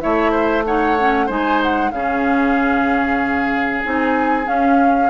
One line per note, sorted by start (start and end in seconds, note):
0.00 1.29 A3
0.00 0.64 E4
0.00 0.31 C#5
0.00 0.64 E5
0.31 0.63 C5
0.65 0.97 D#4
0.65 1.26 C#5
0.65 1.29 F#5
0.99 1.28 C#4
1.26 1.92 G#3
1.26 1.92 D#4
1.26 1.90 C5
1.26 1.62 G#5
1.63 1.91 F#5
1.91 3.83 C#3
1.91 3.84 C#4
1.91 5.10 G#4
1.91 3.82 F5
3.84 4.47 C4
3.84 4.44 D#4
3.84 4.47 G#5
4.44 5.08 C#4
4.44 5.10 C#4
4.44 5.10 F5